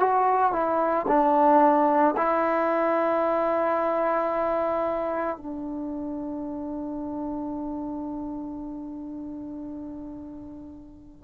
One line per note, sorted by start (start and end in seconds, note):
0.00 0.53 F#4
0.53 1.06 E4
1.08 2.15 D4
2.17 5.38 E4
5.38 11.24 D4